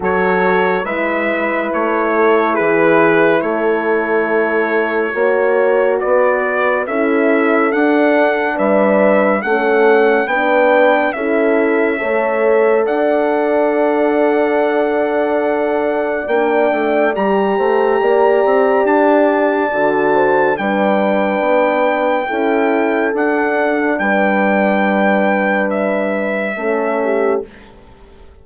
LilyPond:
<<
  \new Staff \with { instrumentName = "trumpet" } { \time 4/4 \tempo 4 = 70 cis''4 e''4 cis''4 b'4 | cis''2. d''4 | e''4 fis''4 e''4 fis''4 | g''4 e''2 fis''4~ |
fis''2. g''4 | ais''2 a''2 | g''2. fis''4 | g''2 e''2 | }
  \new Staff \with { instrumentName = "horn" } { \time 4/4 a'4 b'4. a'8 gis'4 | a'2 cis''4 b'4 | a'2 b'4 a'4 | b'4 a'4 cis''4 d''4~ |
d''1~ | d''8 c''8 d''2~ d''8 c''8 | b'2 a'2 | b'2. a'8 g'8 | }
  \new Staff \with { instrumentName = "horn" } { \time 4/4 fis'4 e'2.~ | e'2 fis'2 | e'4 d'2 cis'4 | d'4 e'4 a'2~ |
a'2. d'4 | g'2. fis'4 | d'2 e'4 d'4~ | d'2. cis'4 | }
  \new Staff \with { instrumentName = "bassoon" } { \time 4/4 fis4 gis4 a4 e4 | a2 ais4 b4 | cis'4 d'4 g4 a4 | b4 cis'4 a4 d'4~ |
d'2. ais8 a8 | g8 a8 ais8 c'8 d'4 d4 | g4 b4 cis'4 d'4 | g2. a4 | }
>>